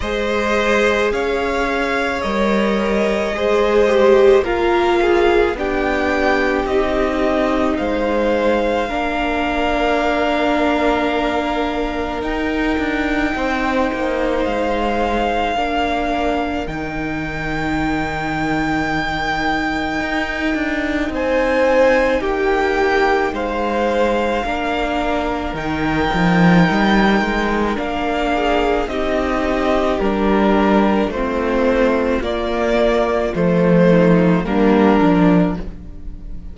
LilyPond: <<
  \new Staff \with { instrumentName = "violin" } { \time 4/4 \tempo 4 = 54 dis''4 f''4 dis''2 | f''4 g''4 dis''4 f''4~ | f''2. g''4~ | g''4 f''2 g''4~ |
g''2. gis''4 | g''4 f''2 g''4~ | g''4 f''4 dis''4 ais'4 | c''4 d''4 c''4 ais'4 | }
  \new Staff \with { instrumentName = "violin" } { \time 4/4 c''4 cis''2 c''4 | ais'8 gis'8 g'2 c''4 | ais'1 | c''2 ais'2~ |
ais'2. c''4 | g'4 c''4 ais'2~ | ais'4. gis'8 g'2 | f'2~ f'8 dis'8 d'4 | }
  \new Staff \with { instrumentName = "viola" } { \time 4/4 gis'2 ais'4 gis'8 g'8 | f'4 d'4 dis'2 | d'2. dis'4~ | dis'2 d'4 dis'4~ |
dis'1~ | dis'2 d'4 dis'4~ | dis'4 d'4 dis'4 d'4 | c'4 ais4 a4 ais8 d'8 | }
  \new Staff \with { instrumentName = "cello" } { \time 4/4 gis4 cis'4 g4 gis4 | ais4 b4 c'4 gis4 | ais2. dis'8 d'8 | c'8 ais8 gis4 ais4 dis4~ |
dis2 dis'8 d'8 c'4 | ais4 gis4 ais4 dis8 f8 | g8 gis8 ais4 c'4 g4 | a4 ais4 f4 g8 f8 | }
>>